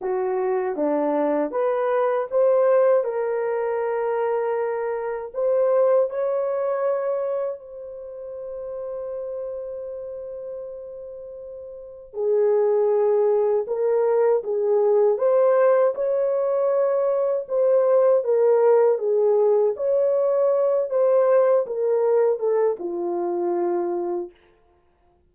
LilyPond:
\new Staff \with { instrumentName = "horn" } { \time 4/4 \tempo 4 = 79 fis'4 d'4 b'4 c''4 | ais'2. c''4 | cis''2 c''2~ | c''1 |
gis'2 ais'4 gis'4 | c''4 cis''2 c''4 | ais'4 gis'4 cis''4. c''8~ | c''8 ais'4 a'8 f'2 | }